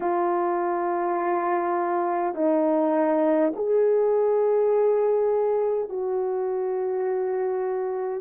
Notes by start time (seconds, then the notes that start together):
0.00 F4
2.35 D#4
3.55 G#4
5.89 F#4